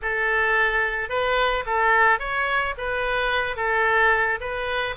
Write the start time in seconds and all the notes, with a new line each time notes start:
0.02 A4
1.09 B4
1.66 A4
2.19 C#5
2.77 B4
3.56 A4
4.40 B4